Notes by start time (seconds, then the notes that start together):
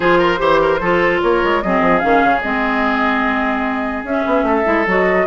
0.00 F3 F4 G#4 C5
0.18 A#4
0.38 E3 G4 C5
0.61 A#4
0.80 F3 F4 A4
1.22 A#3 A#4 C#5
1.43 G#3
1.62 F#3 C4 G#4 D#5
1.81 F3
1.99 D#3 C#4 F5
2.24 C#3
2.41 G#3 C4 D#5
4.03 C#4 E5
4.26 B3
4.42 A3 A4
4.64 G#3 E4
4.86 F#3 F#4 D#5